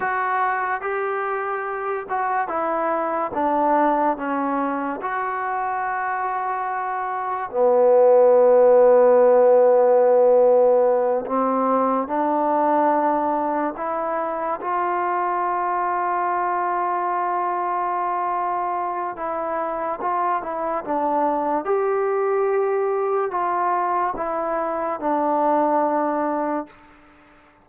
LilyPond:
\new Staff \with { instrumentName = "trombone" } { \time 4/4 \tempo 4 = 72 fis'4 g'4. fis'8 e'4 | d'4 cis'4 fis'2~ | fis'4 b2.~ | b4. c'4 d'4.~ |
d'8 e'4 f'2~ f'8~ | f'2. e'4 | f'8 e'8 d'4 g'2 | f'4 e'4 d'2 | }